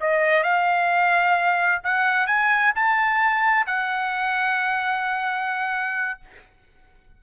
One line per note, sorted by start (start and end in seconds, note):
0.00 0.43 D#5
0.43 1.82 F5
1.84 2.27 F#5
2.27 2.73 G#5
2.75 3.66 A5
3.66 6.20 F#5